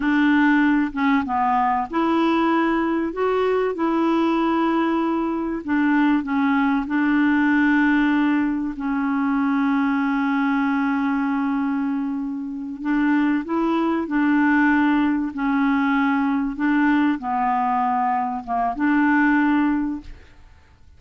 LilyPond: \new Staff \with { instrumentName = "clarinet" } { \time 4/4 \tempo 4 = 96 d'4. cis'8 b4 e'4~ | e'4 fis'4 e'2~ | e'4 d'4 cis'4 d'4~ | d'2 cis'2~ |
cis'1~ | cis'8 d'4 e'4 d'4.~ | d'8 cis'2 d'4 b8~ | b4. ais8 d'2 | }